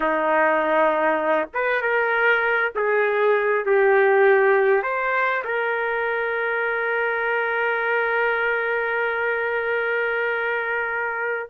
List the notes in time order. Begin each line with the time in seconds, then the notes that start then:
0.00 D#4
1.54 B4
1.81 A#4
2.75 G#4
3.65 G4
4.82 C5
5.44 A#4